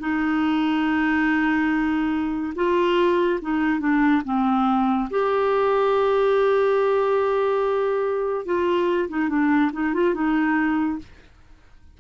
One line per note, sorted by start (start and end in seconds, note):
0.00 2.54 D#4
2.55 3.40 F4
3.41 3.80 D#4
3.80 4.22 D4
4.25 5.09 C4
5.10 8.45 G4
8.45 9.09 F4
9.09 9.29 D#4
9.29 9.71 D4
9.73 9.94 D#4
9.94 10.14 F4
10.14 10.99 D#4